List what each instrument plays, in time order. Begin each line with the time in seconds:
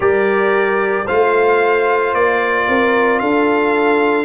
0.00 tuba G3, trombone G4, horn A#4, trumpet D5
1.05 tuba A3, trombone F4, horn C5, trumpet F5
2.13 tuba A#3, trumpet D5
2.67 tuba C4, horn A#4
3.19 tuba D4, horn A4, trumpet F5